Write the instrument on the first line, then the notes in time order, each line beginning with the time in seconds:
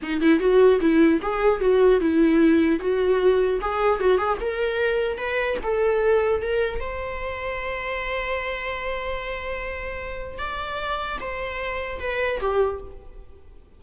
viola
0.02 D#4
0.21 E4
0.39 F#4
0.80 E4
1.22 G#4
1.60 F#4
2.00 E4
2.79 F#4
3.61 G#4
3.99 F#4
4.18 G#4
4.40 A#4
5.17 B4
5.63 A4
6.42 A#4
6.80 C5
10.38 D5
11.20 C5
12.00 B4
12.40 G4